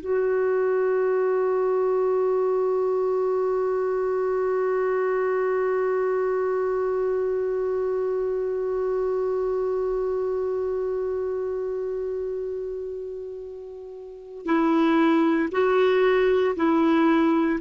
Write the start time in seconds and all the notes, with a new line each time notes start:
0.00 F#4
14.45 E4
15.51 F#4
16.56 E4